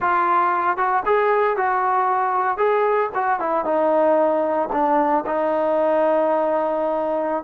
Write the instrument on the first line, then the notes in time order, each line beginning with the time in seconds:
trombone
0.00 F4
0.77 F#4
1.05 G#4
1.57 F#4
2.57 G#4
3.14 F#4
3.39 E4
3.64 D#4
4.72 D4
5.26 D#4